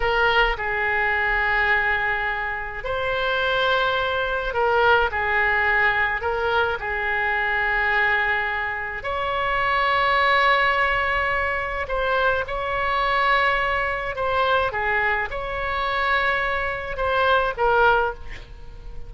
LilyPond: \new Staff \with { instrumentName = "oboe" } { \time 4/4 \tempo 4 = 106 ais'4 gis'2.~ | gis'4 c''2. | ais'4 gis'2 ais'4 | gis'1 |
cis''1~ | cis''4 c''4 cis''2~ | cis''4 c''4 gis'4 cis''4~ | cis''2 c''4 ais'4 | }